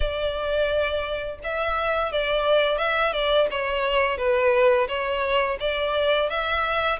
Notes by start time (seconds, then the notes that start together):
0.00 D5
1.43 E5
2.12 D5
2.78 E5
3.12 D5
3.50 C#5
4.17 B4
4.87 C#5
5.60 D5
6.29 E5